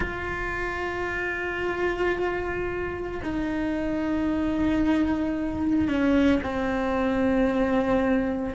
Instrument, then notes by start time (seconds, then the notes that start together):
cello
0.00 F4
3.23 D#4
5.87 C#4
6.43 C4